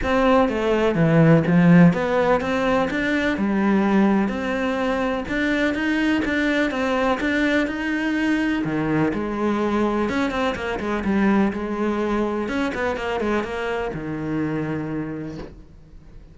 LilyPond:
\new Staff \with { instrumentName = "cello" } { \time 4/4 \tempo 4 = 125 c'4 a4 e4 f4 | b4 c'4 d'4 g4~ | g4 c'2 d'4 | dis'4 d'4 c'4 d'4 |
dis'2 dis4 gis4~ | gis4 cis'8 c'8 ais8 gis8 g4 | gis2 cis'8 b8 ais8 gis8 | ais4 dis2. | }